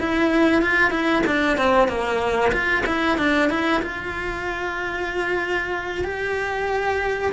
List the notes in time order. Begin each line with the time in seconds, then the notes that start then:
0.00 E4
0.62 F4
0.91 E4
1.27 D4
1.58 C4
1.88 A#3
2.52 F4
2.87 E4
3.18 D4
3.50 E4
3.82 F4
6.05 G4